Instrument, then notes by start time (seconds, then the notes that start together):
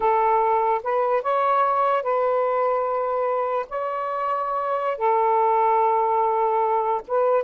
saxophone
0.00 A4
0.83 B4
1.22 C#5
2.02 B4
3.69 C#5
4.97 A4
7.07 B4